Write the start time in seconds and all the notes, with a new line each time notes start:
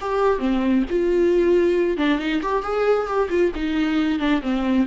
0.00 G4
0.38 C4
0.89 F4
1.97 D4
2.19 D#4
2.42 G4
2.63 G#4
3.06 G4
3.29 F4
3.55 D#4
4.19 D4
4.42 C4